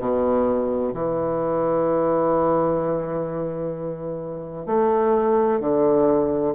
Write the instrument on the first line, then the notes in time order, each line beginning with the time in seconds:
bassoon
0.00 B2
0.94 E3
4.67 A3
5.60 D3